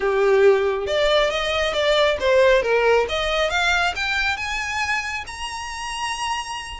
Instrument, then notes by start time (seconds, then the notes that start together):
violin
0.00 G4
0.86 D5
1.30 D#5
1.73 D5
2.20 C5
2.62 A#4
3.08 D#5
3.50 F5
3.95 G5
4.36 G#5
5.27 A#5